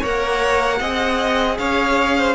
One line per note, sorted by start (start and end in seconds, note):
0.00 0.80 A#3
0.00 0.80 A#4
0.00 0.78 C#5
0.00 1.57 F#5
0.80 1.58 C4
0.80 2.35 G#4
0.80 1.57 D#5
1.57 2.35 C#4
1.57 2.17 C#5
1.57 2.35 F5
2.17 2.35 C5